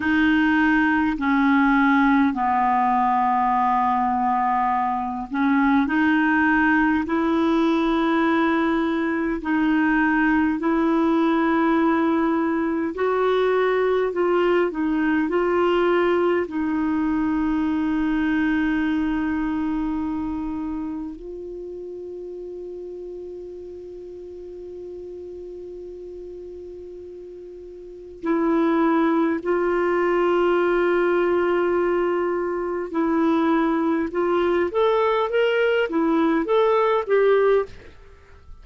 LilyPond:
\new Staff \with { instrumentName = "clarinet" } { \time 4/4 \tempo 4 = 51 dis'4 cis'4 b2~ | b8 cis'8 dis'4 e'2 | dis'4 e'2 fis'4 | f'8 dis'8 f'4 dis'2~ |
dis'2 f'2~ | f'1 | e'4 f'2. | e'4 f'8 a'8 ais'8 e'8 a'8 g'8 | }